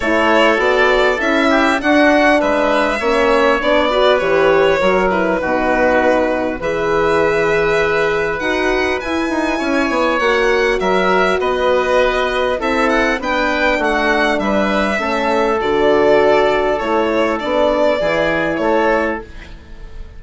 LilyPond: <<
  \new Staff \with { instrumentName = "violin" } { \time 4/4 \tempo 4 = 100 cis''4 d''4 e''4 fis''4 | e''2 d''4 cis''4~ | cis''8 b'2~ b'8 e''4~ | e''2 fis''4 gis''4~ |
gis''4 fis''4 e''4 dis''4~ | dis''4 e''8 fis''8 g''4 fis''4 | e''2 d''2 | cis''4 d''2 cis''4 | }
  \new Staff \with { instrumentName = "oboe" } { \time 4/4 a'2~ a'8 g'8 fis'4 | b'4 cis''4. b'4. | ais'4 fis'2 b'4~ | b'1 |
cis''2 ais'4 b'4~ | b'4 a'4 b'4 fis'4 | b'4 a'2.~ | a'2 gis'4 a'4 | }
  \new Staff \with { instrumentName = "horn" } { \time 4/4 e'4 fis'4 e'4 d'4~ | d'4 cis'4 d'8 fis'8 g'4 | fis'8 e'8 dis'2 gis'4~ | gis'2 fis'4 e'4~ |
e'4 fis'2.~ | fis'4 e'4 d'2~ | d'4 cis'4 fis'2 | e'4 d'4 e'2 | }
  \new Staff \with { instrumentName = "bassoon" } { \time 4/4 a4 b4 cis'4 d'4 | gis4 ais4 b4 e4 | fis4 b,2 e4~ | e2 dis'4 e'8 dis'8 |
cis'8 b8 ais4 fis4 b4~ | b4 c'4 b4 a4 | g4 a4 d2 | a4 b4 e4 a4 | }
>>